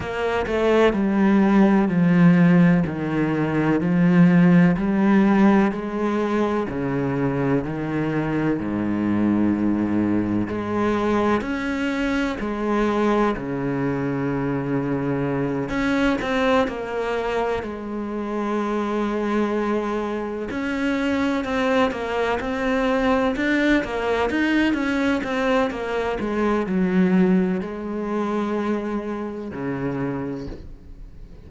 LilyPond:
\new Staff \with { instrumentName = "cello" } { \time 4/4 \tempo 4 = 63 ais8 a8 g4 f4 dis4 | f4 g4 gis4 cis4 | dis4 gis,2 gis4 | cis'4 gis4 cis2~ |
cis8 cis'8 c'8 ais4 gis4.~ | gis4. cis'4 c'8 ais8 c'8~ | c'8 d'8 ais8 dis'8 cis'8 c'8 ais8 gis8 | fis4 gis2 cis4 | }